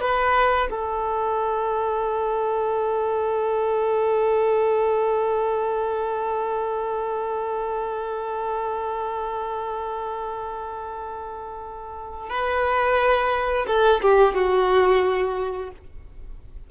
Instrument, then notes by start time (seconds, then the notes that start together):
violin
0.00 B4
0.70 A4
12.29 B4
13.66 A4
14.01 G4
14.34 F#4